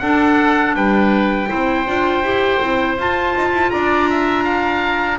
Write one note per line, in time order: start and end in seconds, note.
0.00 0.76 D4
0.00 1.48 D4
0.00 0.77 A4
0.00 0.74 F#5
0.75 1.50 G3
0.75 1.50 B4
0.75 2.98 G5
1.48 1.87 C4
1.48 1.85 E4
1.48 3.72 C5
1.87 2.23 D4
1.87 2.24 F4
2.23 2.60 E4
2.23 2.61 G4
2.61 2.98 C4
2.61 2.98 E4
2.98 3.35 F4
2.98 5.20 F4
2.98 3.71 A5
3.36 3.53 D#4
3.53 3.71 E4
3.71 5.20 D4
3.71 4.10 D5
3.71 5.19 A#5
4.10 4.45 E5
4.45 5.19 F5